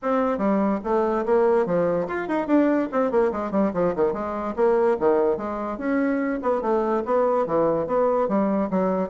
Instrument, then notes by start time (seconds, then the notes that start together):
bassoon
0.02 C4
0.37 G3
0.84 A3
1.25 A#3
1.66 F3
2.07 F4
2.27 D#4
2.47 D4
2.92 C4
3.11 A#3
3.31 G#3
3.51 G3
3.73 F3
3.95 D#3
4.13 G#3
4.55 A#3
4.99 D#3
5.37 G#3
5.78 C#4
6.42 B3
6.61 A3
7.05 B3
7.46 E3
7.87 B3
8.28 G3
8.70 F#3